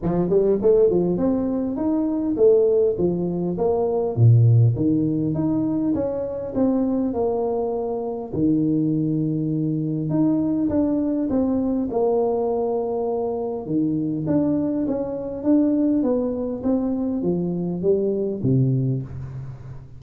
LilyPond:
\new Staff \with { instrumentName = "tuba" } { \time 4/4 \tempo 4 = 101 f8 g8 a8 f8 c'4 dis'4 | a4 f4 ais4 ais,4 | dis4 dis'4 cis'4 c'4 | ais2 dis2~ |
dis4 dis'4 d'4 c'4 | ais2. dis4 | d'4 cis'4 d'4 b4 | c'4 f4 g4 c4 | }